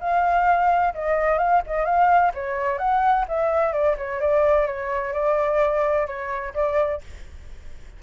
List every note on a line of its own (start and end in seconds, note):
0.00 0.94 F5
0.94 1.38 D#5
1.38 1.62 F5
1.66 1.85 D#5
1.85 2.32 F5
2.34 2.78 C#5
2.78 3.25 F#5
3.28 3.73 E5
3.73 3.96 D5
3.97 4.20 C#5
4.20 4.67 D5
4.67 5.13 C#5
5.13 6.07 D5
6.07 6.53 C#5
6.54 7.01 D5